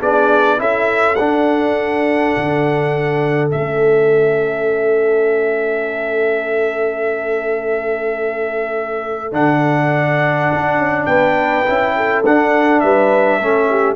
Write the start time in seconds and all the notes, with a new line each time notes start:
0.00 B3 D4 G#4 D5
0.57 C#4 E4 A4 E5
1.15 D4 F#5
2.36 D3
3.49 A3 C#4 E5
9.32 D3 D4 F#5
10.53 D4
10.77 C#4
11.05 B3 B4 G5
11.66 C#4 E4
11.96 A4
12.25 D4 F#5
12.79 G3 B4 E5
13.39 A3 C#4 A4
13.69 G4